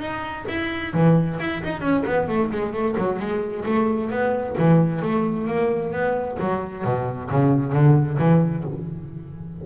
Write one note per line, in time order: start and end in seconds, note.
0.00 0.45 D#4
0.49 0.94 E4
0.94 1.39 E3
1.40 1.63 E4
1.64 1.81 D#4
1.81 2.04 C#4
2.06 2.29 B3
2.29 2.51 A3
2.51 2.73 G#3
2.73 2.96 A3
2.98 3.19 F#3
3.19 3.65 G#3
3.65 4.11 A3
4.11 4.56 B3
4.58 5.02 E3
5.02 5.48 A3
5.48 5.93 A#3
5.93 6.38 B3
6.40 6.85 F#3
6.85 7.30 B2
7.31 7.73 C#3
7.73 8.18 D3
8.19 8.64 E3